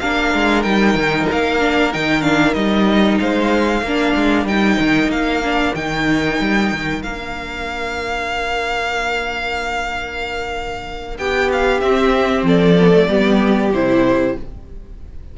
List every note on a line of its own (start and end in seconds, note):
0.00 0.34 A#3
0.00 0.64 D4
0.00 3.21 A#4
0.00 0.63 F5
0.34 0.65 G#3
0.63 0.95 G3
0.63 1.60 D#4
0.63 1.27 G5
0.95 1.26 D#3
1.32 1.95 A#3
1.32 1.93 F5
1.60 1.92 D4
1.93 2.55 D#3
1.93 2.22 D#4
1.93 2.22 G5
2.22 2.54 D4
2.22 2.54 F5
2.54 3.19 G3
2.54 3.83 D#4
2.54 3.18 D#5
3.20 3.82 G#3
3.20 3.85 C5
3.20 4.47 F5
3.82 4.14 A#3
3.82 4.47 D4
3.82 11.19 A#4
4.16 4.45 G#3
4.45 4.77 G3
4.45 5.43 D#4
4.45 5.11 G5
4.80 5.08 D#3
5.08 5.72 A#3
5.08 5.75 F5
5.44 5.76 D4
5.75 6.39 D#3
5.75 7.05 D#4
5.75 7.03 G5
6.40 6.72 G3
6.73 7.04 D#3
7.03 11.19 A#3
7.03 11.82 D4
7.03 11.18 F5
11.19 11.82 B3
11.19 12.46 G4
11.19 11.51 G5
11.52 11.81 F5
11.81 12.78 C4
11.81 12.43 C4
11.81 12.44 E5
12.43 13.07 F3
12.43 13.09 A4
12.43 13.74 D5
12.79 12.91 B3
12.91 13.07 A3
13.09 13.72 G3
13.09 13.73 B3
13.09 14.37 G4
13.72 14.36 C3
13.72 14.38 E4
13.72 14.37 C5